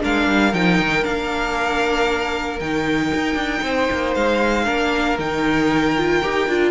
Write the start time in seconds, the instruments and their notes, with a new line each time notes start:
0.00 cello G#3, viola D4, violin A#4 F5
0.28 cello G3
0.53 cello F3, viola D#4, violin G5
0.79 cello D#3
1.03 cello A#3, viola D4, violin F5
2.60 cello D#3, viola D#4, violin G5
3.14 cello D#4
3.35 cello D4
3.62 cello C4, violin C5
3.92 cello A#3
4.15 cello G#3, violin F5
4.65 cello A#3, viola D4, violin A#4
5.19 cello D#3, viola D#4, violin G5
5.98 viola F4
6.23 cello D#4, viola G4
6.48 cello D4, viola F4